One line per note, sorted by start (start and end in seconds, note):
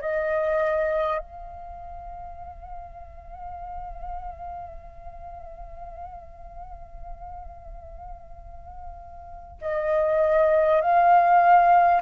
0.00 1.18 D#5
1.18 9.58 F5
9.61 10.81 D#5
10.81 12.01 F5